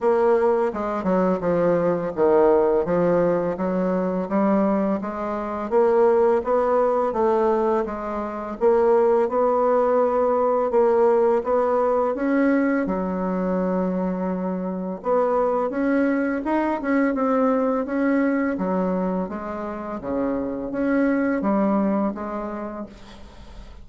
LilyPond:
\new Staff \with { instrumentName = "bassoon" } { \time 4/4 \tempo 4 = 84 ais4 gis8 fis8 f4 dis4 | f4 fis4 g4 gis4 | ais4 b4 a4 gis4 | ais4 b2 ais4 |
b4 cis'4 fis2~ | fis4 b4 cis'4 dis'8 cis'8 | c'4 cis'4 fis4 gis4 | cis4 cis'4 g4 gis4 | }